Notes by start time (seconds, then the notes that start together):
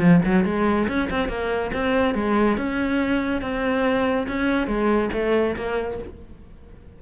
0.00 F3
0.25 F#3
0.45 G#3
0.88 C#4
1.11 C4
1.29 A#3
1.74 C4
2.15 G#3
2.57 C#4
3.42 C4
4.28 C#4
4.68 G#3
5.13 A3
5.57 A#3